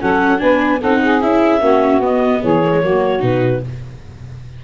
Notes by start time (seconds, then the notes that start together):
0.00 F#3 C#4 A4 F#5
0.38 B3 D4 B4 G#5
0.80 C4 D#4 A4 F#5
1.02 G#4
1.21 C#4 E4 E5
1.60 A#3 C#4 F#4
1.99 B3 D#5
2.41 E3 G#4 C#5
2.64 A#3
2.72 G#3
2.82 F#3 A#3 F#4
3.19 B2 D#4 B4